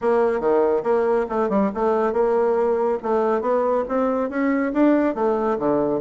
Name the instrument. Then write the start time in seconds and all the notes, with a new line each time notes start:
bassoon
0.01 A#3
0.40 D#3
0.83 A#3
1.29 A3
1.49 G3
1.74 A3
2.12 A#3
3.02 A3
3.41 B3
3.88 C4
4.29 C#4
4.73 D4
5.14 A3
5.58 D3